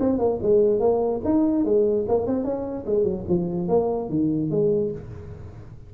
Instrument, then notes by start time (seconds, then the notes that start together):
tuba
0.00 C4
0.19 A#3
0.42 G#3
0.80 A#3
1.25 D#4
1.65 G#3
2.08 A#3
2.27 C4
2.44 C#4
2.86 G#3
3.04 F#3
3.29 F3
3.68 A#3
4.10 D#3
4.51 G#3